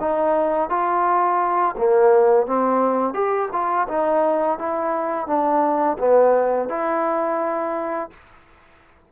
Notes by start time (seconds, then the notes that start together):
0.00 D#4
0.70 F4
1.78 A#3
2.47 C4
3.14 G4
3.52 F4
3.89 D#4
4.59 E4
5.27 D4
5.99 B3
6.69 E4